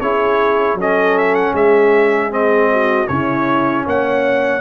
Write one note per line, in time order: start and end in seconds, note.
0.00 0.74 C#4
0.00 0.79 E4
0.00 0.78 G#4
0.00 0.77 C#5
0.74 1.51 F#3
0.74 2.30 C#4
0.74 1.54 A4
0.80 1.17 D#5
1.17 1.34 E5
1.34 1.54 F#5
1.53 3.07 G#3
1.53 2.69 G#4
1.53 2.32 E5
2.30 3.07 C4
2.30 3.07 D#5
2.71 3.09 F#4
3.07 3.86 C#3
3.07 4.61 C#4
3.07 3.86 E4
3.07 3.84 C#5
3.86 4.61 A#3
3.86 4.61 C#5
3.86 4.61 F#5